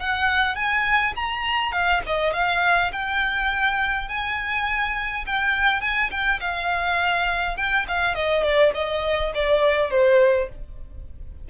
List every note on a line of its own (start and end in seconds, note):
0.00 0.56 F#5
0.56 1.14 G#5
1.16 1.72 A#5
1.72 2.01 F5
2.07 2.33 D#5
2.33 2.92 F5
2.92 4.08 G5
4.08 5.25 G#5
5.26 5.81 G5
5.81 6.10 G#5
6.11 6.40 G5
6.41 7.57 F5
7.57 7.86 G5
7.88 8.15 F5
8.15 8.43 D#5
8.43 8.72 D5
8.74 9.33 D#5
9.34 9.91 D5
9.91 10.49 C5